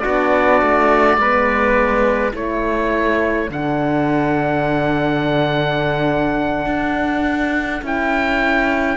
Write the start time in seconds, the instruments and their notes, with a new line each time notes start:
0.00 cello B3, horn D4, trumpet F#4, oboe D5
0.62 cello A3
1.18 cello G#3, horn B3, trumpet B4
2.33 cello A3, horn E4, trumpet A4, oboe C#5
3.50 cello D3, horn D4, oboe F#5
6.66 cello D4
7.82 cello C#4, horn E4, oboe G5